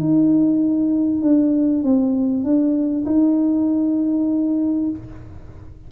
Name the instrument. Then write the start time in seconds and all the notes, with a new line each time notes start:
tuba
0.00 D#4
1.22 D4
1.83 C4
2.44 D4
3.06 D#4